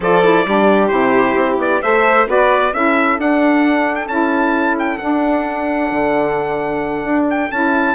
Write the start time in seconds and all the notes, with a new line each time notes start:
0.00 F3 F4 A4 D5
0.22 E4
0.45 G3 D4 G4
0.88 C3 E4 C5
1.35 C4
1.57 B3 D5
1.81 A3 A4 C5 E5
2.26 B3 F#4 B4 D5
2.72 C#4 E4 A4 E5
3.17 D4 F#5
3.95 G5
4.07 C#4 E4 A5
4.78 G5
4.98 D4 F#5
5.04 D4
5.91 D3
7.04 D4
7.30 G5
7.51 C#4 E4 A5